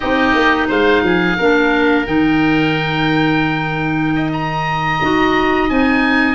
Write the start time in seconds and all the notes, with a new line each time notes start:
0.00 C4 D#4 G4 D#5
0.34 A#3
0.67 G#3 C5 F5
1.02 F3 G#4
1.37 A#3 D4 A#4
2.05 D#3 D#4 G5
4.15 D#5
4.32 A#5
5.01 D#4 F#4
5.68 C4 D#4 G#5